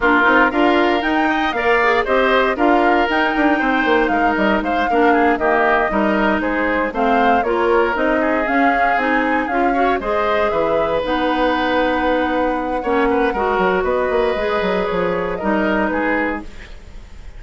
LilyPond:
<<
  \new Staff \with { instrumentName = "flute" } { \time 4/4 \tempo 4 = 117 ais'4 f''4 g''4 f''4 | dis''4 f''4 g''2 | f''8 dis''8 f''4. dis''4.~ | dis''8 c''4 f''4 cis''4 dis''8~ |
dis''8 f''4 gis''4 f''4 dis''8~ | dis''8 e''4 fis''2~ fis''8~ | fis''2. dis''4~ | dis''4 cis''4 dis''4 b'4 | }
  \new Staff \with { instrumentName = "oboe" } { \time 4/4 f'4 ais'4. dis''8 d''4 | c''4 ais'2 c''4 | ais'4 c''8 ais'8 gis'8 g'4 ais'8~ | ais'8 gis'4 c''4 ais'4. |
gis'2. cis''8 c''8~ | c''8 b'2.~ b'8~ | b'4 cis''8 b'8 ais'4 b'4~ | b'2 ais'4 gis'4 | }
  \new Staff \with { instrumentName = "clarinet" } { \time 4/4 d'8 dis'8 f'4 dis'4 ais'8 gis'8 | g'4 f'4 dis'2~ | dis'4. d'4 ais4 dis'8~ | dis'4. c'4 f'4 dis'8~ |
dis'8 cis'4 dis'4 f'8 fis'8 gis'8~ | gis'4. dis'2~ dis'8~ | dis'4 cis'4 fis'2 | gis'2 dis'2 | }
  \new Staff \with { instrumentName = "bassoon" } { \time 4/4 ais8 c'8 d'4 dis'4 ais4 | c'4 d'4 dis'8 d'8 c'8 ais8 | gis8 g8 gis8 ais4 dis4 g8~ | g8 gis4 a4 ais4 c'8~ |
c'8 cis'4 c'4 cis'4 gis8~ | gis8 e4 b2~ b8~ | b4 ais4 gis8 fis8 b8 ais8 | gis8 fis8 f4 g4 gis4 | }
>>